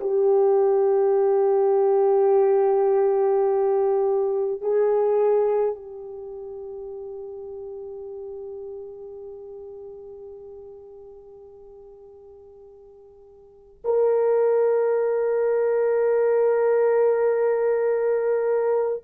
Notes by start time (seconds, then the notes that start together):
0.00 G4
4.61 G#4
5.75 G4
13.84 A#4